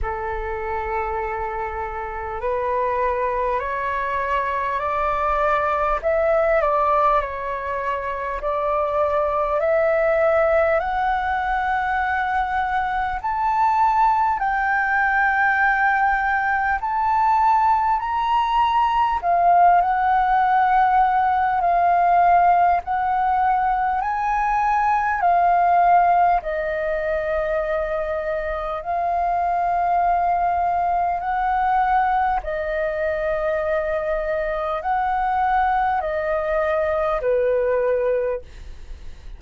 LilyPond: \new Staff \with { instrumentName = "flute" } { \time 4/4 \tempo 4 = 50 a'2 b'4 cis''4 | d''4 e''8 d''8 cis''4 d''4 | e''4 fis''2 a''4 | g''2 a''4 ais''4 |
f''8 fis''4. f''4 fis''4 | gis''4 f''4 dis''2 | f''2 fis''4 dis''4~ | dis''4 fis''4 dis''4 b'4 | }